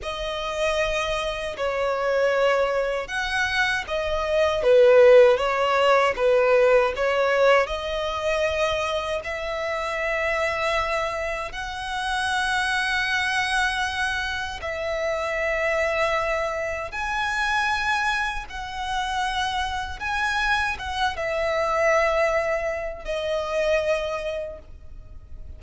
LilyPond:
\new Staff \with { instrumentName = "violin" } { \time 4/4 \tempo 4 = 78 dis''2 cis''2 | fis''4 dis''4 b'4 cis''4 | b'4 cis''4 dis''2 | e''2. fis''4~ |
fis''2. e''4~ | e''2 gis''2 | fis''2 gis''4 fis''8 e''8~ | e''2 dis''2 | }